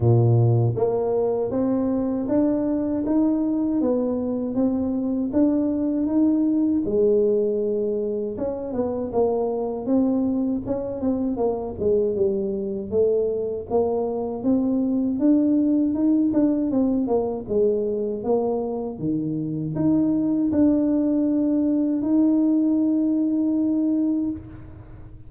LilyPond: \new Staff \with { instrumentName = "tuba" } { \time 4/4 \tempo 4 = 79 ais,4 ais4 c'4 d'4 | dis'4 b4 c'4 d'4 | dis'4 gis2 cis'8 b8 | ais4 c'4 cis'8 c'8 ais8 gis8 |
g4 a4 ais4 c'4 | d'4 dis'8 d'8 c'8 ais8 gis4 | ais4 dis4 dis'4 d'4~ | d'4 dis'2. | }